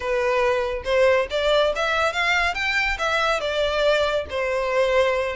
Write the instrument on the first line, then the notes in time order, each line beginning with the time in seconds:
violin
0.00 B4
0.84 C5
1.30 D5
1.75 E5
2.12 F5
2.54 G5
2.98 E5
3.40 D5
4.30 C5